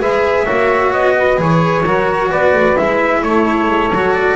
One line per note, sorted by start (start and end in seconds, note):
0.00 0.47 G#3
0.00 0.46 G#4
0.00 0.45 B4
0.00 0.94 E5
0.45 0.93 A#3
0.45 1.38 F#4
0.45 1.14 C#5
0.93 1.39 B3
0.93 1.40 D#5
1.18 1.85 B4
1.38 1.85 E3
1.38 1.84 G#4
1.38 2.32 C#5
1.85 2.32 F#3
1.85 2.77 F#4
1.85 2.29 A#4
2.29 2.53 B3
2.29 3.22 B4
2.29 2.78 D5
2.53 2.76 A3
2.77 3.22 G#3
2.77 3.92 E4
2.77 3.23 E5
3.22 3.68 A3
3.22 4.36 A4
3.22 4.14 C#5
3.68 3.91 G#3
3.92 4.36 F#3
3.92 4.36 F#4
4.14 4.36 D5